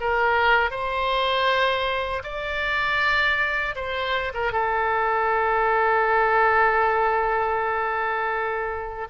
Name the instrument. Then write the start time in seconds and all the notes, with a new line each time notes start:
oboe
0.00 A#4
0.70 C5
2.23 D5
3.75 C5
4.34 A#4
4.52 A4